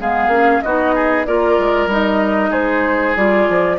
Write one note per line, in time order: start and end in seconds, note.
0.00 0.28 G#3
0.00 0.31 B3
0.00 0.64 G#4
0.00 0.62 F5
0.28 0.59 A#3
0.28 0.63 C#4
0.62 1.27 B3
0.62 1.26 D#4
0.62 0.95 F#4
0.62 1.25 D#5
0.95 1.26 G#4
1.26 1.58 A#3
1.26 1.89 F4
1.26 2.51 A#4
1.26 1.89 D5
1.59 1.87 G#3
1.87 2.50 G3
1.87 3.16 D#4
1.87 2.53 D#5
2.51 3.15 G#3
2.51 3.77 G#4
2.51 3.16 C5
3.16 3.48 G3
3.16 3.79 F4
3.16 3.79 D5
3.49 3.79 F3